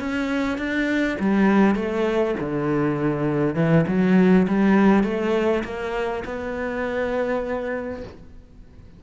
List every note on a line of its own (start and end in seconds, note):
0.00 0.58 C#4
0.58 1.17 D4
1.20 1.76 G3
1.76 2.35 A3
2.40 3.56 D3
3.56 3.85 E3
3.88 4.47 F#3
4.48 5.04 G3
5.04 5.63 A3
5.64 6.24 A#3
6.25 8.03 B3